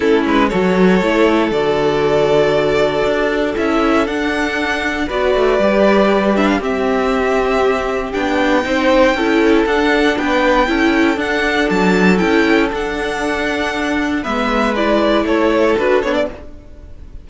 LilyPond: <<
  \new Staff \with { instrumentName = "violin" } { \time 4/4 \tempo 4 = 118 a'8 b'8 cis''2 d''4~ | d''2. e''4 | fis''2 d''2~ | d''8 e''16 f''16 e''2. |
g''2. fis''4 | g''2 fis''4 a''4 | g''4 fis''2. | e''4 d''4 cis''4 b'8 cis''16 d''16 | }
  \new Staff \with { instrumentName = "violin" } { \time 4/4 e'4 a'2.~ | a'1~ | a'2 b'2~ | b'4 g'2.~ |
g'4 c''4 a'2 | b'4 a'2.~ | a'1 | b'2 a'2 | }
  \new Staff \with { instrumentName = "viola" } { \time 4/4 cis'4 fis'4 e'4 fis'4~ | fis'2. e'4 | d'2 fis'4 g'4~ | g'8 d'8 c'2. |
d'4 dis'4 e'4 d'4~ | d'4 e'4 d'2 | e'4 d'2. | b4 e'2 fis'8 d'8 | }
  \new Staff \with { instrumentName = "cello" } { \time 4/4 a8 gis8 fis4 a4 d4~ | d2 d'4 cis'4 | d'2 b8 a8 g4~ | g4 c'2. |
b4 c'4 cis'4 d'4 | b4 cis'4 d'4 fis4 | cis'4 d'2. | gis2 a4 d'8 b8 | }
>>